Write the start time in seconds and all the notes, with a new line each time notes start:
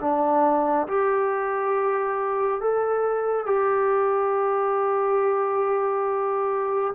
0.00 D4
0.87 G4
2.60 A4
3.46 G4